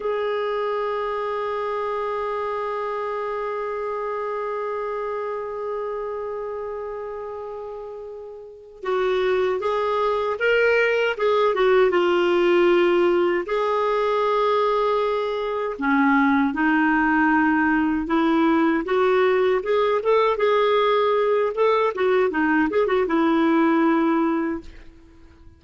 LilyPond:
\new Staff \with { instrumentName = "clarinet" } { \time 4/4 \tempo 4 = 78 gis'1~ | gis'1~ | gis'2.~ gis'8 fis'8~ | fis'8 gis'4 ais'4 gis'8 fis'8 f'8~ |
f'4. gis'2~ gis'8~ | gis'8 cis'4 dis'2 e'8~ | e'8 fis'4 gis'8 a'8 gis'4. | a'8 fis'8 dis'8 gis'16 fis'16 e'2 | }